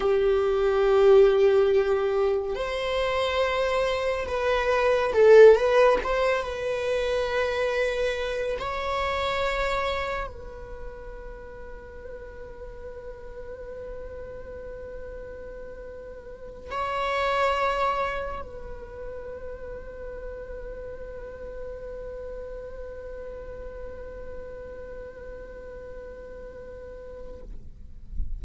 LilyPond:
\new Staff \with { instrumentName = "viola" } { \time 4/4 \tempo 4 = 70 g'2. c''4~ | c''4 b'4 a'8 b'8 c''8 b'8~ | b'2 cis''2 | b'1~ |
b'2.~ b'8 cis''8~ | cis''4. b'2~ b'8~ | b'1~ | b'1 | }